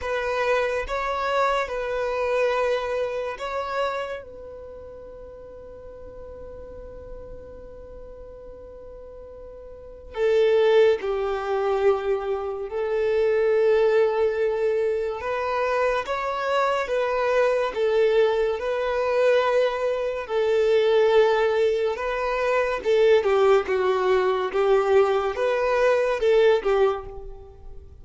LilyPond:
\new Staff \with { instrumentName = "violin" } { \time 4/4 \tempo 4 = 71 b'4 cis''4 b'2 | cis''4 b'2.~ | b'1 | a'4 g'2 a'4~ |
a'2 b'4 cis''4 | b'4 a'4 b'2 | a'2 b'4 a'8 g'8 | fis'4 g'4 b'4 a'8 g'8 | }